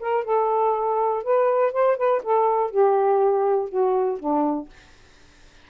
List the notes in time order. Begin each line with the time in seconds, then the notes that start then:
0.00 A#4
0.24 A4
1.24 B4
1.72 C5
1.97 B4
2.23 A4
2.71 G4
3.69 F#4
4.19 D4